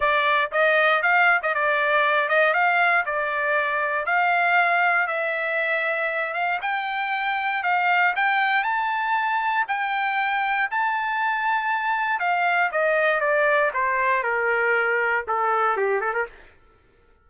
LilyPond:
\new Staff \with { instrumentName = "trumpet" } { \time 4/4 \tempo 4 = 118 d''4 dis''4 f''8. dis''16 d''4~ | d''8 dis''8 f''4 d''2 | f''2 e''2~ | e''8 f''8 g''2 f''4 |
g''4 a''2 g''4~ | g''4 a''2. | f''4 dis''4 d''4 c''4 | ais'2 a'4 g'8 a'16 ais'16 | }